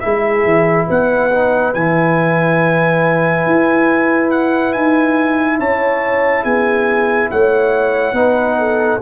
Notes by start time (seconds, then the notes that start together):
0.00 G#3 E4 G#4 E5
0.45 E3
0.87 B3 B4 F#5
1.32 D#4
1.74 E3 E4 G#5
3.47 E4
4.31 F#5
4.73 D#4 G#5
5.59 C#4 C#5 A5
6.44 B3 G#4 G#5
7.31 A3 C#5 F#5
8.13 B3 D#4 B4
8.59 A4